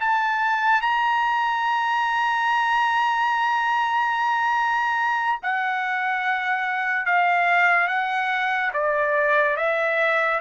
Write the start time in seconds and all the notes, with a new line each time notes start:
0.00 A5
0.81 A#5
5.42 F#5
7.06 F5
7.87 F#5
8.73 D5
9.56 E5